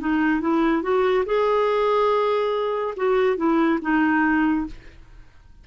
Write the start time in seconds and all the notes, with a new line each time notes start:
0.00 D#4
0.41 E4
0.82 F#4
1.26 G#4
2.97 F#4
3.37 E4
3.82 D#4